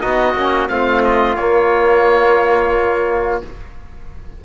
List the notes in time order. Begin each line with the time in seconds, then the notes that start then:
0.00 B3 D#4 F#4 D#5
0.34 A#3 C#4
0.68 A3 C4 F4 F5
1.04 D#5
1.35 A#3 C#5